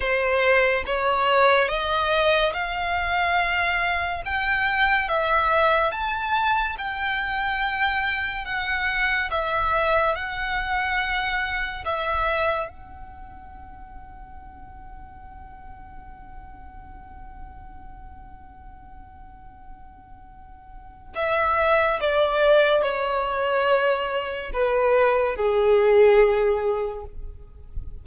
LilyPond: \new Staff \with { instrumentName = "violin" } { \time 4/4 \tempo 4 = 71 c''4 cis''4 dis''4 f''4~ | f''4 g''4 e''4 a''4 | g''2 fis''4 e''4 | fis''2 e''4 fis''4~ |
fis''1~ | fis''1~ | fis''4 e''4 d''4 cis''4~ | cis''4 b'4 gis'2 | }